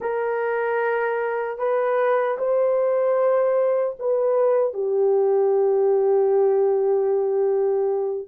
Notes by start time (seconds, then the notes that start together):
0.00 A#4
1.58 B4
2.38 C5
3.99 B4
4.73 G4